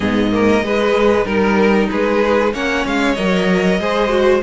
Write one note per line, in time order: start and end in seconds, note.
0.00 0.63 G#2
0.00 0.31 B3
0.00 0.32 G#4
0.00 1.24 D#5
0.31 0.63 A#3
0.31 0.64 A#4
0.63 1.25 G#3
0.63 1.26 B4
1.24 1.88 G3
1.24 2.52 D#4
1.24 1.87 A#4
1.24 1.90 A#4
1.91 2.53 G#3
1.91 2.53 G#4
1.91 2.54 B4
2.53 2.85 A#3
2.53 3.16 C#4
2.53 3.79 C#5
2.53 2.86 F#5
2.85 3.17 G#3
2.85 3.14 F5
3.14 3.79 F#3
3.14 3.80 A#4
3.14 4.40 D#5
3.79 4.42 G#3
3.79 4.08 G#4
3.79 4.42 C5
4.08 4.40 F#4